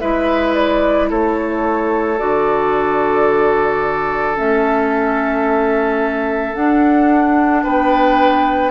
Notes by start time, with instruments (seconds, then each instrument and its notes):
0.00 bassoon G#3, clarinet E4, oboe B4, flute E5
0.55 flute D5
1.10 bassoon A3, oboe A4, flute C#5
2.19 bassoon D3, clarinet F#4, flute D5
4.36 bassoon A3, clarinet C#4, flute E5
6.54 clarinet D4, bassoon D4, flute F#5
7.64 bassoon B3, oboe B4, flute G5